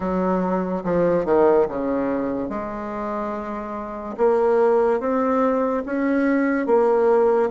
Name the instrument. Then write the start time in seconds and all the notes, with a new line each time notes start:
bassoon
0.00 F#3
0.84 F3
1.25 D#3
1.68 C#3
2.49 G#3
4.17 A#3
5.00 C4
5.85 C#4
6.66 A#3